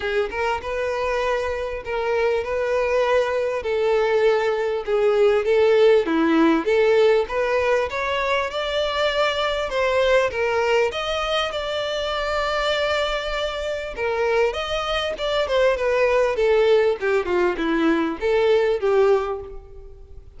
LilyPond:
\new Staff \with { instrumentName = "violin" } { \time 4/4 \tempo 4 = 99 gis'8 ais'8 b'2 ais'4 | b'2 a'2 | gis'4 a'4 e'4 a'4 | b'4 cis''4 d''2 |
c''4 ais'4 dis''4 d''4~ | d''2. ais'4 | dis''4 d''8 c''8 b'4 a'4 | g'8 f'8 e'4 a'4 g'4 | }